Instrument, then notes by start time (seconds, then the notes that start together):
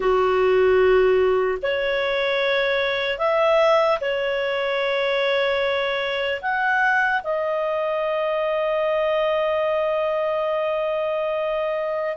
clarinet
0.00 F#4
1.62 C#5
3.18 E5
4.00 C#5
6.41 F#5
7.23 D#5